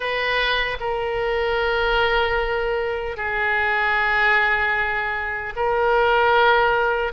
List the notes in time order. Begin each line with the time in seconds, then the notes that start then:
0.00 B4
0.80 A#4
3.17 G#4
5.56 A#4